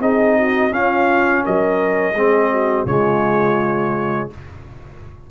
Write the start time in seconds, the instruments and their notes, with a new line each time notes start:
0.00 tuba C4, trombone D#4, horn G#4, trumpet D#5
0.37 horn F#4
0.72 trombone C#4, tuba C#4, horn F4, trumpet F5
1.44 tuba F#3, horn A#4, trumpet D#5
2.14 tuba G#3, trombone C4, horn G#4
2.51 horn F#4
2.86 tuba C#3, trombone G#3, horn F4, trumpet C#5